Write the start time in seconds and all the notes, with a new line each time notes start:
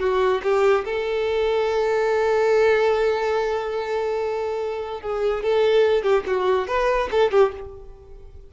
0.00 F#4
0.43 G4
0.85 A4
5.02 G#4
5.44 A4
6.03 G4
6.27 F#4
6.68 B4
7.12 A4
7.32 G4